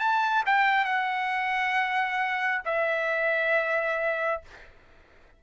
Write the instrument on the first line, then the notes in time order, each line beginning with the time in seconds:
trumpet
0.00 A5
0.47 G5
0.85 F#5
2.66 E5